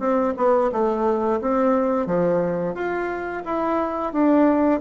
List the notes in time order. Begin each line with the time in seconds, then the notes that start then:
0.00 C4
0.37 B3
0.72 A3
1.42 C4
2.06 F3
2.75 F4
3.46 E4
4.13 D4